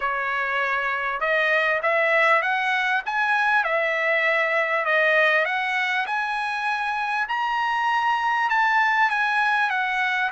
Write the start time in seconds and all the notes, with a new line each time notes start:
0.00 C#5
1.20 D#5
1.82 E5
2.42 F#5
3.05 G#5
3.64 E5
4.85 D#5
5.45 F#5
6.06 G#5
7.28 A#5
8.49 A5
9.10 G#5
9.69 F#5